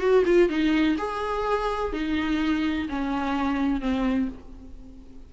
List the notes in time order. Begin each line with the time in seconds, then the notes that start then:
0.00 F#4
0.26 F4
0.49 D#4
0.98 G#4
1.93 D#4
2.89 C#4
3.81 C4